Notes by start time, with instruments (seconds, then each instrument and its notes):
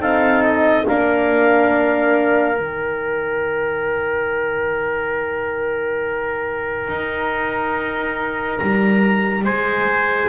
0.00 double bass C4, horn D#4, trumpet A4, clarinet F5
0.44 clarinet D#5
0.87 double bass A#3, horn D4, trumpet A#4, clarinet F5
2.57 double bass D#3, horn D#4, clarinet G5
6.88 double bass D#4
8.57 double bass G3, clarinet A#5
9.45 double bass G#3, trumpet C5, clarinet G#5